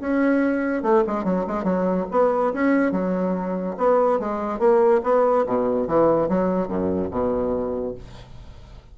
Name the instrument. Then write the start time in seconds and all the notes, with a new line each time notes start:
bassoon
0.00 C#4
0.82 A3
1.06 G#3
1.24 F#3
1.47 G#3
1.63 F#3
2.11 B3
2.53 C#4
2.92 F#3
3.77 B3
4.19 G#3
4.59 A#3
5.03 B3
5.46 B2
5.87 E3
6.28 F#3
6.68 F#2
7.10 B2